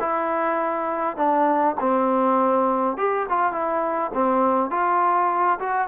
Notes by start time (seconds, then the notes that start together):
0.00 E4
1.17 D4
1.80 C4
2.97 G4
3.29 F4
3.52 E4
4.14 C4
4.70 F4
5.59 F#4